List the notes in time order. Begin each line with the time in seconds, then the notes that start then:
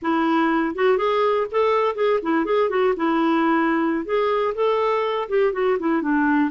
0.02 E4
0.75 F#4
0.97 G#4
1.51 A4
1.95 G#4
2.22 E4
2.45 G#4
2.69 F#4
2.96 E4
4.05 G#4
4.54 A4
5.28 G4
5.52 F#4
5.79 E4
6.02 D4